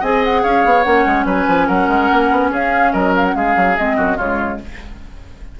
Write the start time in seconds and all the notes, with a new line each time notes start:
0.00 C4 G#4 D#5 G#5
0.24 F#5
0.42 C#4 C#5 F5
0.64 B3
0.83 A#3 C#4 F#5
1.06 G#3
1.25 F#3 B4 G#5
1.47 F3
1.67 F#3 A#4 F#5
1.88 G#3
2.12 A#3
2.31 B3
2.50 C#4 G#4 F5
2.92 F#3 A#4 D#5
3.16 F5
3.25 F#5
3.34 G#3 G#4 F5
3.56 F#3
3.77 G#3 C4 D#5
3.96 F#2 F#4
4.16 C#3 G#3 F4 C#5